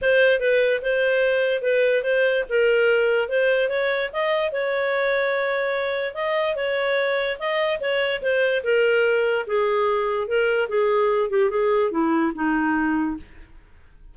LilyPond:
\new Staff \with { instrumentName = "clarinet" } { \time 4/4 \tempo 4 = 146 c''4 b'4 c''2 | b'4 c''4 ais'2 | c''4 cis''4 dis''4 cis''4~ | cis''2. dis''4 |
cis''2 dis''4 cis''4 | c''4 ais'2 gis'4~ | gis'4 ais'4 gis'4. g'8 | gis'4 e'4 dis'2 | }